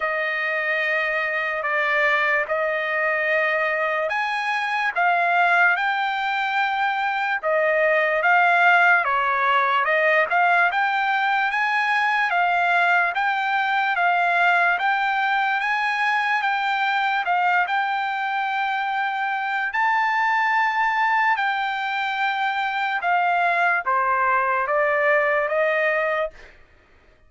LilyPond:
\new Staff \with { instrumentName = "trumpet" } { \time 4/4 \tempo 4 = 73 dis''2 d''4 dis''4~ | dis''4 gis''4 f''4 g''4~ | g''4 dis''4 f''4 cis''4 | dis''8 f''8 g''4 gis''4 f''4 |
g''4 f''4 g''4 gis''4 | g''4 f''8 g''2~ g''8 | a''2 g''2 | f''4 c''4 d''4 dis''4 | }